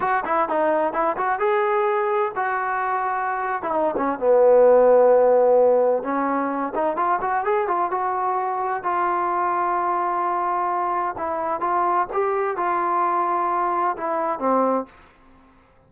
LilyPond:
\new Staff \with { instrumentName = "trombone" } { \time 4/4 \tempo 4 = 129 fis'8 e'8 dis'4 e'8 fis'8 gis'4~ | gis'4 fis'2~ fis'8. e'16 | dis'8 cis'8 b2.~ | b4 cis'4. dis'8 f'8 fis'8 |
gis'8 f'8 fis'2 f'4~ | f'1 | e'4 f'4 g'4 f'4~ | f'2 e'4 c'4 | }